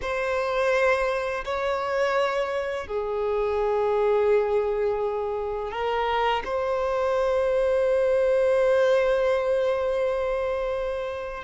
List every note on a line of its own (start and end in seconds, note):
0.01 1.44 C5
1.44 2.87 C#5
2.87 5.71 G#4
5.71 6.43 A#4
6.44 11.44 C5